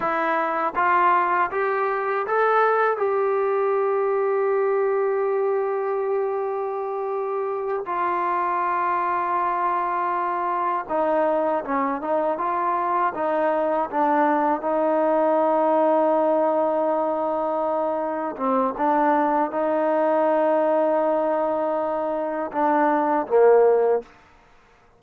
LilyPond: \new Staff \with { instrumentName = "trombone" } { \time 4/4 \tempo 4 = 80 e'4 f'4 g'4 a'4 | g'1~ | g'2~ g'8 f'4.~ | f'2~ f'8 dis'4 cis'8 |
dis'8 f'4 dis'4 d'4 dis'8~ | dis'1~ | dis'8 c'8 d'4 dis'2~ | dis'2 d'4 ais4 | }